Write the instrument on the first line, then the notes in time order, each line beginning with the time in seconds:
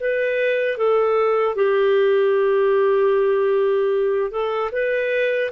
clarinet
0.00 B4
0.78 A4
1.56 G4
4.31 A4
4.72 B4